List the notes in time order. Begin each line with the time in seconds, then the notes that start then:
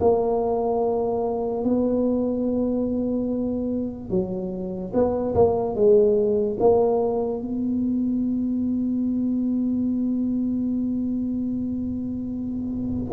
0.00 A#3
1.64 B3
4.10 F#3
4.93 B3
5.34 A#3
5.75 G#3
6.59 A#3
7.41 B3